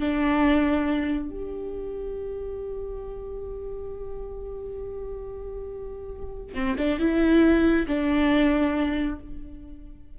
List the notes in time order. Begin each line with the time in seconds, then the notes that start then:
0.00 D4
1.30 G4
6.55 C4
6.78 D4
6.99 E4
7.88 D4